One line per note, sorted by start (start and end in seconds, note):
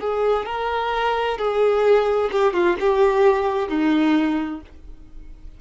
0.00 0.46 G#4
0.46 1.38 A#4
1.38 2.30 G#4
2.32 2.53 G4
2.53 2.77 F4
2.80 3.69 G4
3.69 4.61 D#4